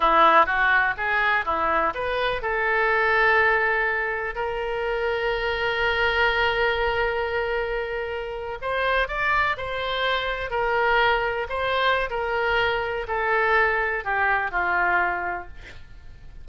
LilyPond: \new Staff \with { instrumentName = "oboe" } { \time 4/4 \tempo 4 = 124 e'4 fis'4 gis'4 e'4 | b'4 a'2.~ | a'4 ais'2.~ | ais'1~ |
ais'4.~ ais'16 c''4 d''4 c''16~ | c''4.~ c''16 ais'2 c''16~ | c''4 ais'2 a'4~ | a'4 g'4 f'2 | }